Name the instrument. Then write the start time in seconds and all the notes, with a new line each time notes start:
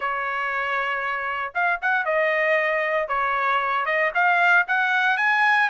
trumpet
0.00 C#5
1.54 F5
1.81 F#5
2.05 D#5
3.08 C#5
3.85 D#5
4.14 F5
4.67 F#5
5.17 G#5